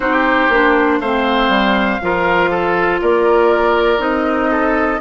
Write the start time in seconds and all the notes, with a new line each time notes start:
0.00 C4 D#4 G4 C5
0.49 A#3 D4
0.99 A3 C4 C5 F5
1.48 G3
2.01 F3 F4 A#4
2.50 A4
3.01 A#3 A#4 D5
3.98 C4 D#4 D#5
4.50 A4